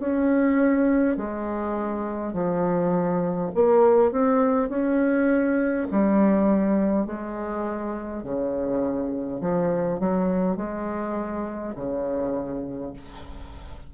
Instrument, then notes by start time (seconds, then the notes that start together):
bassoon
0.00 C#4
1.17 G#3
2.34 F3
3.55 A#3
4.12 C4
4.70 C#4
5.92 G3
7.06 G#3
8.24 C#3
9.41 F3
10.00 F#3
10.57 G#3
11.76 C#3